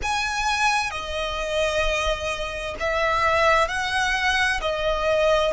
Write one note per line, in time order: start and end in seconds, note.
0.02 0.90 G#5
0.90 2.75 D#5
2.79 3.68 E5
3.68 4.60 F#5
4.61 5.53 D#5